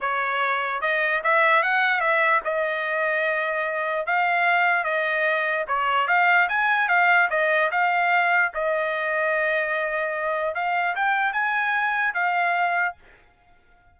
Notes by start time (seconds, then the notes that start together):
0.00 C#5
0.81 D#5
1.23 E5
1.63 F#5
2.00 E5
2.44 D#5
4.06 F5
4.84 D#5
5.67 C#5
6.07 F5
6.48 G#5
6.88 F5
7.30 D#5
7.71 F5
8.54 D#5
10.54 F5
10.95 G5
11.33 G#5
12.14 F5